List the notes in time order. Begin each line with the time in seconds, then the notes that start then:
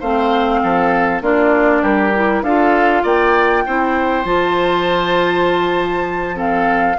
0.00 A3 C4 C5 F5
0.63 F3 A4
1.22 A#3 D4 F4 D5
1.82 G3 G4 A#4
2.15 E4
2.43 D4 F4 A4 F5
3.03 A#3 D5 G5
3.66 C4 E4 C5
4.25 F3 F4 A5
6.34 C4 A4 F5